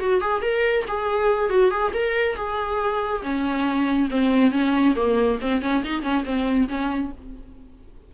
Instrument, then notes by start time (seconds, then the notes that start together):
viola
0.00 F#4
0.21 G#4
0.42 A#4
0.88 G#4
1.50 F#4
1.71 G#4
1.94 A#4
2.36 G#4
3.23 C#4
4.11 C4
4.51 C#4
4.96 A#3
5.42 C4
5.62 C#4
5.84 D#4
6.03 C#4
6.25 C4
6.69 C#4